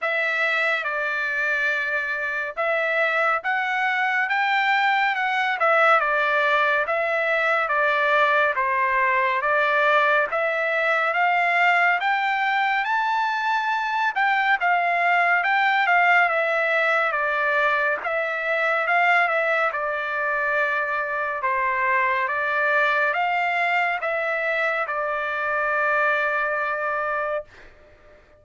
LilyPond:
\new Staff \with { instrumentName = "trumpet" } { \time 4/4 \tempo 4 = 70 e''4 d''2 e''4 | fis''4 g''4 fis''8 e''8 d''4 | e''4 d''4 c''4 d''4 | e''4 f''4 g''4 a''4~ |
a''8 g''8 f''4 g''8 f''8 e''4 | d''4 e''4 f''8 e''8 d''4~ | d''4 c''4 d''4 f''4 | e''4 d''2. | }